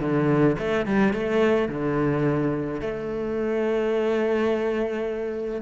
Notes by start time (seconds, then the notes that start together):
0.00 D3
0.58 A3
0.86 G3
1.13 A3
1.68 D3
2.81 A3